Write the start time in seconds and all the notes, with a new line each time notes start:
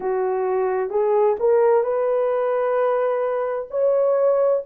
0.00 F#4
0.89 G#4
1.39 A#4
1.83 B4
3.70 C#5